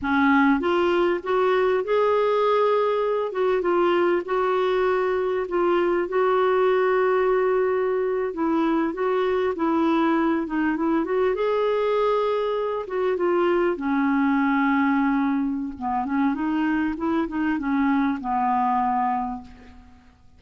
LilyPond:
\new Staff \with { instrumentName = "clarinet" } { \time 4/4 \tempo 4 = 99 cis'4 f'4 fis'4 gis'4~ | gis'4. fis'8 f'4 fis'4~ | fis'4 f'4 fis'2~ | fis'4.~ fis'16 e'4 fis'4 e'16~ |
e'4~ e'16 dis'8 e'8 fis'8 gis'4~ gis'16~ | gis'4~ gis'16 fis'8 f'4 cis'4~ cis'16~ | cis'2 b8 cis'8 dis'4 | e'8 dis'8 cis'4 b2 | }